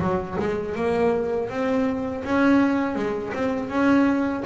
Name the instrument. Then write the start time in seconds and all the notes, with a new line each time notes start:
double bass
0.00 F#3
0.39 G#3
0.75 A#3
1.49 C4
2.24 C#4
2.96 G#3
3.34 C4
3.69 C#4